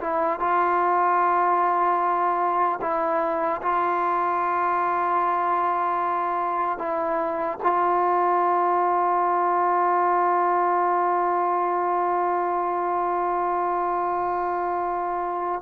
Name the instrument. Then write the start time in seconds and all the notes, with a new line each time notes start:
trombone
0.00 E4
0.39 F4
2.81 E4
3.61 F4
6.78 E4
7.63 F4